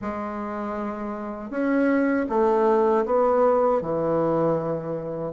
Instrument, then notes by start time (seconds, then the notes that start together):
bassoon
0.01 G#3
1.50 C#4
2.29 A3
3.06 B3
3.81 E3